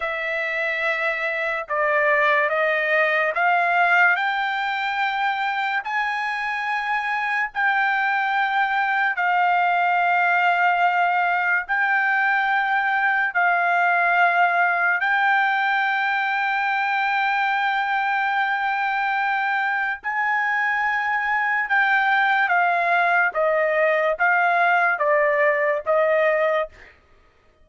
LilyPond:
\new Staff \with { instrumentName = "trumpet" } { \time 4/4 \tempo 4 = 72 e''2 d''4 dis''4 | f''4 g''2 gis''4~ | gis''4 g''2 f''4~ | f''2 g''2 |
f''2 g''2~ | g''1 | gis''2 g''4 f''4 | dis''4 f''4 d''4 dis''4 | }